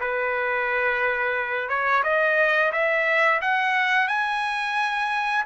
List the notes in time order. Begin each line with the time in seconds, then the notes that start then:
0.00 B4
1.69 C#5
2.03 D#5
2.72 E5
3.41 F#5
4.07 G#5